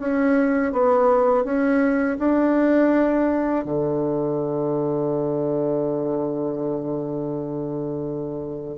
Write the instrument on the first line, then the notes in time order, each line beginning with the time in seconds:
bassoon
0.00 C#4
0.73 B3
1.45 C#4
2.19 D4
3.65 D3